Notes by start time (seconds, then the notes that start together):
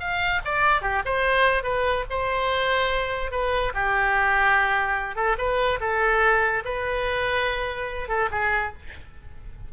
0.00 F5
0.45 D5
0.82 G4
1.05 C5
1.63 B4
2.10 C5
3.31 B4
3.74 G4
5.16 A4
5.38 B4
5.80 A4
6.65 B4
8.08 A4
8.31 G#4